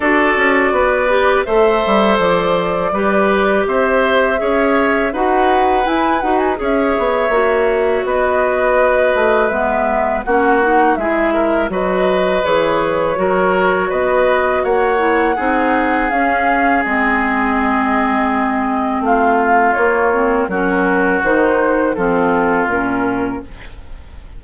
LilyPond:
<<
  \new Staff \with { instrumentName = "flute" } { \time 4/4 \tempo 4 = 82 d''2 e''4 d''4~ | d''4 e''2 fis''4 | gis''8 fis''16 gis''16 e''2 dis''4~ | dis''4 e''4 fis''4 e''4 |
dis''4 cis''2 dis''4 | fis''2 f''4 dis''4~ | dis''2 f''4 cis''4 | ais'4 c''4 a'4 ais'4 | }
  \new Staff \with { instrumentName = "oboe" } { \time 4/4 a'4 b'4 c''2 | b'4 c''4 cis''4 b'4~ | b'4 cis''2 b'4~ | b'2 fis'4 gis'8 ais'8 |
b'2 ais'4 b'4 | cis''4 gis'2.~ | gis'2 f'2 | fis'2 f'2 | }
  \new Staff \with { instrumentName = "clarinet" } { \time 4/4 fis'4. g'8 a'2 | g'2 gis'4 fis'4 | e'8 fis'8 gis'4 fis'2~ | fis'4 b4 cis'8 dis'8 e'4 |
fis'4 gis'4 fis'2~ | fis'8 e'8 dis'4 cis'4 c'4~ | c'2. ais8 c'8 | cis'4 dis'4 c'4 cis'4 | }
  \new Staff \with { instrumentName = "bassoon" } { \time 4/4 d'8 cis'8 b4 a8 g8 f4 | g4 c'4 cis'4 dis'4 | e'8 dis'8 cis'8 b8 ais4 b4~ | b8 a8 gis4 ais4 gis4 |
fis4 e4 fis4 b4 | ais4 c'4 cis'4 gis4~ | gis2 a4 ais4 | fis4 dis4 f4 ais,4 | }
>>